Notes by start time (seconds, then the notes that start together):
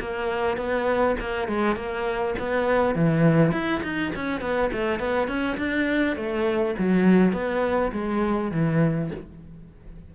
0.00 A#3
0.57 B3
1.20 A#3
1.48 G#3
1.76 A#3
2.39 B3
2.95 E3
3.52 E4
3.83 D#4
4.15 C#4
4.41 B3
4.72 A3
4.99 B3
5.28 C#4
5.57 D4
6.16 A3
6.78 F#3
7.32 B3
7.92 G#3
8.51 E3